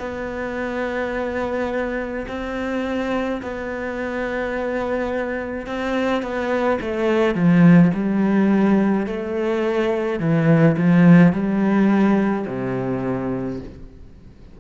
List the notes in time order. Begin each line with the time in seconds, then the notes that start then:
0.00 B3
2.28 C4
3.43 B3
5.67 C4
6.23 B3
6.81 A3
7.35 F3
7.95 G3
9.07 A3
10.20 E3
10.78 F3
11.33 G3
12.47 C3